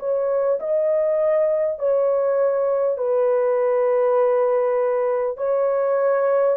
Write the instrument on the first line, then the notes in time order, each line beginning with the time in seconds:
horn
0.00 C#5
0.60 D#5
1.79 C#5
2.98 B4
5.38 C#5